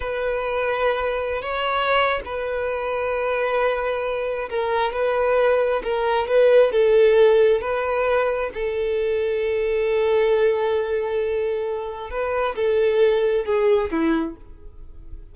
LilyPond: \new Staff \with { instrumentName = "violin" } { \time 4/4 \tempo 4 = 134 b'2.~ b'16 cis''8.~ | cis''4 b'2.~ | b'2 ais'4 b'4~ | b'4 ais'4 b'4 a'4~ |
a'4 b'2 a'4~ | a'1~ | a'2. b'4 | a'2 gis'4 e'4 | }